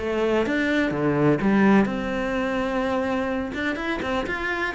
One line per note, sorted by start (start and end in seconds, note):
0.00 0.47 A3
0.47 0.92 D4
0.92 1.39 D3
1.42 1.86 G3
1.86 3.52 C4
3.55 3.76 D4
3.76 4.00 E4
4.03 4.27 C4
4.27 4.75 F4